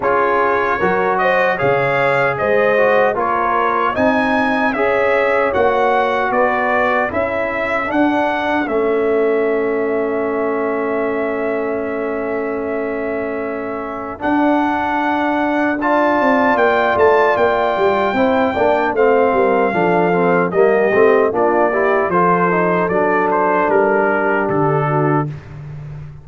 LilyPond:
<<
  \new Staff \with { instrumentName = "trumpet" } { \time 4/4 \tempo 4 = 76 cis''4. dis''8 f''4 dis''4 | cis''4 gis''4 e''4 fis''4 | d''4 e''4 fis''4 e''4~ | e''1~ |
e''2 fis''2 | a''4 g''8 a''8 g''2 | f''2 dis''4 d''4 | c''4 d''8 c''8 ais'4 a'4 | }
  \new Staff \with { instrumentName = "horn" } { \time 4/4 gis'4 ais'8 c''8 cis''4 c''4 | ais'4 dis''4 cis''2 | b'4 a'2.~ | a'1~ |
a'1 | d''2. c''8 d''8 | c''8 ais'8 a'4 g'4 f'8 g'8 | a'2~ a'8 g'4 fis'8 | }
  \new Staff \with { instrumentName = "trombone" } { \time 4/4 f'4 fis'4 gis'4. fis'8 | f'4 dis'4 gis'4 fis'4~ | fis'4 e'4 d'4 cis'4~ | cis'1~ |
cis'2 d'2 | f'2. e'8 d'8 | c'4 d'8 c'8 ais8 c'8 d'8 e'8 | f'8 dis'8 d'2. | }
  \new Staff \with { instrumentName = "tuba" } { \time 4/4 cis'4 fis4 cis4 gis4 | ais4 c'4 cis'4 ais4 | b4 cis'4 d'4 a4~ | a1~ |
a2 d'2~ | d'8 c'8 ais8 a8 ais8 g8 c'8 ais8 | a8 g8 f4 g8 a8 ais4 | f4 fis4 g4 d4 | }
>>